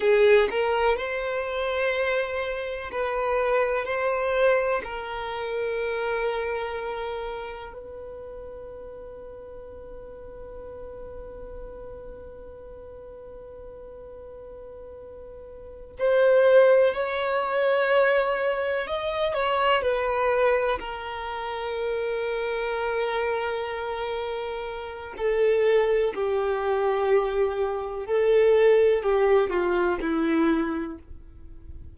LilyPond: \new Staff \with { instrumentName = "violin" } { \time 4/4 \tempo 4 = 62 gis'8 ais'8 c''2 b'4 | c''4 ais'2. | b'1~ | b'1~ |
b'8 c''4 cis''2 dis''8 | cis''8 b'4 ais'2~ ais'8~ | ais'2 a'4 g'4~ | g'4 a'4 g'8 f'8 e'4 | }